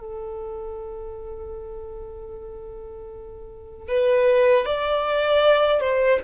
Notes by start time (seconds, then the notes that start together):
0.00 A4
3.89 B4
4.66 D5
5.81 C5